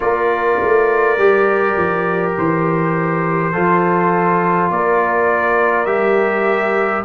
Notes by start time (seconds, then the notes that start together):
0.00 A#3 F4 A#4 D5
0.61 A3
1.17 G3 G4
1.77 F3
2.37 E3 C5
3.52 F3 F4 A4
4.70 A#3 A#4 D5
5.85 G3 G4 E5